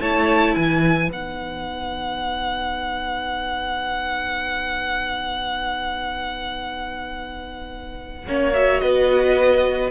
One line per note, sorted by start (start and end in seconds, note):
0.00 0.55 A3
0.00 1.10 E4
0.00 0.55 C#5
0.00 0.55 A5
0.55 1.09 E3
0.55 8.26 B4
0.55 1.10 G#5
1.09 8.24 B3
1.09 8.25 D#4
1.09 8.53 F#5
8.27 8.82 A#3
8.27 8.53 C#4
8.27 8.82 C#5
8.53 9.90 F#4
8.53 8.80 E5
8.80 9.90 B3
8.80 9.90 B4
8.80 9.90 D#5